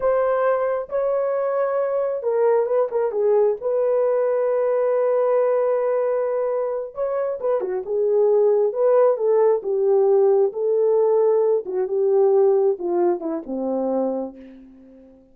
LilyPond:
\new Staff \with { instrumentName = "horn" } { \time 4/4 \tempo 4 = 134 c''2 cis''2~ | cis''4 ais'4 b'8 ais'8 gis'4 | b'1~ | b'2.~ b'8 cis''8~ |
cis''8 b'8 fis'8 gis'2 b'8~ | b'8 a'4 g'2 a'8~ | a'2 fis'8 g'4.~ | g'8 f'4 e'8 c'2 | }